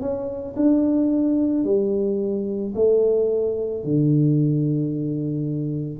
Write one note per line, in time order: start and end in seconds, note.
0.00 0.55 C#4
0.56 1.64 D4
1.64 2.73 G3
2.74 3.83 A3
3.83 5.99 D3